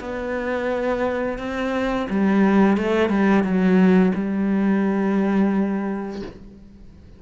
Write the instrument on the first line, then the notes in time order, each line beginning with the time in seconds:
cello
0.00 B3
1.38 C4
2.09 G3
2.77 A3
3.09 G3
3.43 F#3
4.15 G3